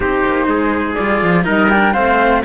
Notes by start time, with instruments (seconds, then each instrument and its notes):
0.00 cello C4 D#4, trumpet G4, flute C5
0.26 cello A#3
0.47 cello G#3, trumpet G#4
0.94 cello G3 F4, flute D5
1.22 cello F3
1.43 cello G3 D#4, trumpet A#4, flute D#5
1.70 cello D4, flute G5
1.93 cello A3 C4, trumpet C5, flute F5